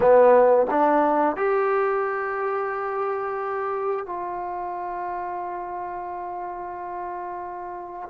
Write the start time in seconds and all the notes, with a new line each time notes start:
0.00 B3
0.70 D4
1.36 G4
4.06 F4